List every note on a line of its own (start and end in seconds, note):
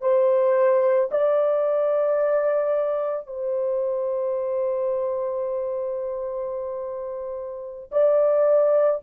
0.00 1.09 C5
1.11 3.26 D5
3.26 7.90 C5
7.91 9.00 D5